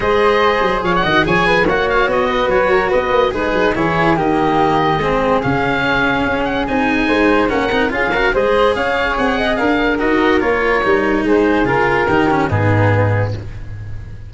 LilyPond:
<<
  \new Staff \with { instrumentName = "oboe" } { \time 4/4 \tempo 4 = 144 dis''2 f''16 fis''8. gis''4 | fis''8 f''8 dis''4 cis''4 dis''4 | b'4 cis''4 dis''2~ | dis''4 f''2~ f''8 fis''8 |
gis''2 fis''4 f''4 | dis''4 f''4 fis''4 f''4 | dis''4 cis''2 c''4 | ais'2 gis'2 | }
  \new Staff \with { instrumentName = "flute" } { \time 4/4 c''2 cis''8 dis''8 cis''8 b'8 | cis''4. b'4 ais'8 b'4 | dis'4 gis'4 g'2 | gis'1~ |
gis'4 c''4 ais'4 gis'8 ais'8 | c''4 cis''4. dis''8 ais'4~ | ais'2. gis'4~ | gis'4 g'4 dis'2 | }
  \new Staff \with { instrumentName = "cello" } { \time 4/4 gis'2~ gis'8 fis'8 gis'4 | fis'1 | gis'4 e'4 ais2 | c'4 cis'2. |
dis'2 cis'8 dis'8 f'8 fis'8 | gis'1 | fis'4 f'4 dis'2 | f'4 dis'8 cis'8 b2 | }
  \new Staff \with { instrumentName = "tuba" } { \time 4/4 gis4. fis8 f8 dis8 f4 | ais4 b4 fis4 b8 ais8 | gis8 fis8 e4 dis2 | gis4 cis2 cis'4 |
c'4 gis4 ais8 c'8 cis'4 | gis4 cis'4 c'4 d'4 | dis'4 ais4 g4 gis4 | cis4 dis4 gis,2 | }
>>